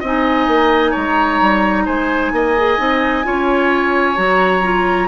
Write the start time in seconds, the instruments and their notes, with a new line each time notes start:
0.00 bassoon C4, clarinet D#4, oboe D#5
0.06 flute G#5
0.47 bassoon A#3
0.91 bassoon G#3, oboe C#5, flute A#5
1.41 bassoon G3
1.85 bassoon G#3, oboe C5, flute G#5
2.32 bassoon A#3, oboe D#5
2.57 clarinet G#4
2.78 bassoon C4, clarinet D#4
3.24 bassoon C#4, clarinet F4, oboe C#5
4.15 bassoon F#3, clarinet F#4, flute A#5
4.63 clarinet F4